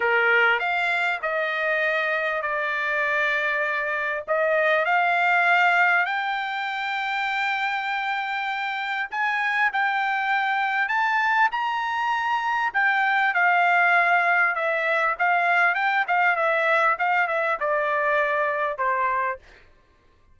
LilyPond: \new Staff \with { instrumentName = "trumpet" } { \time 4/4 \tempo 4 = 99 ais'4 f''4 dis''2 | d''2. dis''4 | f''2 g''2~ | g''2. gis''4 |
g''2 a''4 ais''4~ | ais''4 g''4 f''2 | e''4 f''4 g''8 f''8 e''4 | f''8 e''8 d''2 c''4 | }